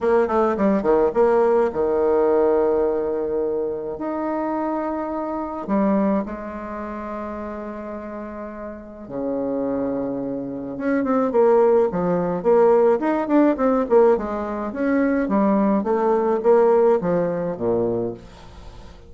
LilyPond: \new Staff \with { instrumentName = "bassoon" } { \time 4/4 \tempo 4 = 106 ais8 a8 g8 dis8 ais4 dis4~ | dis2. dis'4~ | dis'2 g4 gis4~ | gis1 |
cis2. cis'8 c'8 | ais4 f4 ais4 dis'8 d'8 | c'8 ais8 gis4 cis'4 g4 | a4 ais4 f4 ais,4 | }